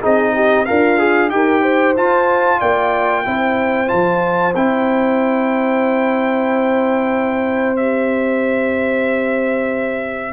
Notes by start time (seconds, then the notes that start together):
0.00 C4 D#4 G#4 D#5
0.35 G4
0.65 D4 F4 A#4 F5
0.98 G#4
1.30 D#4 G4 A#4 G5
1.61 C5
1.96 F4 A5
2.59 A#3 D5 G5
3.25 C4 E4 C5
3.87 F3 F4 A5
4.54 C4 E4 G5
7.76 G4 E5